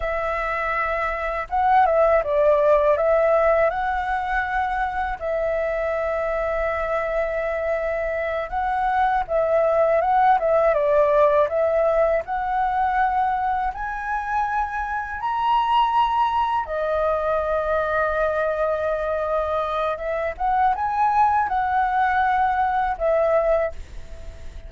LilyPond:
\new Staff \with { instrumentName = "flute" } { \time 4/4 \tempo 4 = 81 e''2 fis''8 e''8 d''4 | e''4 fis''2 e''4~ | e''2.~ e''8 fis''8~ | fis''8 e''4 fis''8 e''8 d''4 e''8~ |
e''8 fis''2 gis''4.~ | gis''8 ais''2 dis''4.~ | dis''2. e''8 fis''8 | gis''4 fis''2 e''4 | }